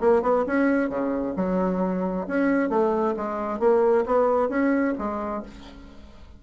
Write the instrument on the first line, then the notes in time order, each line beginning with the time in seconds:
bassoon
0.00 A#3
0.22 B3
0.47 C#4
0.89 C#3
1.36 F#3
2.27 C#4
2.69 A3
3.17 G#3
3.59 A#3
4.06 B3
4.49 C#4
4.98 G#3